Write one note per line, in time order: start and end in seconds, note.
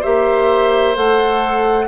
0.00 0.97 A#3
0.00 0.95 G4
0.00 1.85 C5
0.00 0.95 E5
0.95 1.88 A3
0.95 1.87 A4
0.95 1.88 F#5